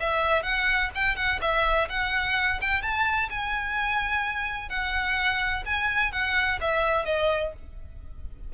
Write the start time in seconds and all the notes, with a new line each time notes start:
0.00 E5
0.43 F#5
0.95 G5
1.16 F#5
1.41 E5
1.89 F#5
2.61 G5
2.82 A5
3.30 G#5
4.69 F#5
5.65 G#5
6.12 F#5
6.61 E5
7.05 D#5